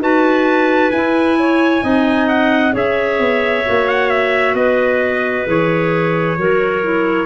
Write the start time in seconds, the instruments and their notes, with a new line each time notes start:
0.00 tuba D#4, clarinet F#4 B4, trumpet A5
0.91 tuba E4, clarinet E4, trumpet G#5
1.39 clarinet C#5
1.82 tuba C4, clarinet D#4 D#5
2.28 trumpet F#5
2.73 tuba C#4, clarinet G#4 C#5, trumpet E5
3.19 tuba B3
3.66 tuba A#3, clarinet F#4
3.88 trumpet F#5
4.10 trumpet E5
4.55 tuba B3, clarinet B4, trumpet D#5
5.46 tuba E3, clarinet G#4, trumpet C#5
6.38 tuba F#3, clarinet F#4 A#4
6.84 clarinet E4